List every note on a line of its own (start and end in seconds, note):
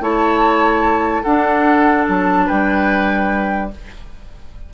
0.00 1.23 A3
0.00 1.24 E4
0.00 1.22 C#5
0.00 1.22 A5
1.22 3.71 D4
1.22 2.07 D4
1.22 2.46 A4
1.22 2.05 F#5
2.08 2.49 F#3
2.08 2.47 A5
2.46 3.73 G3
2.46 3.69 B4
2.46 3.71 G5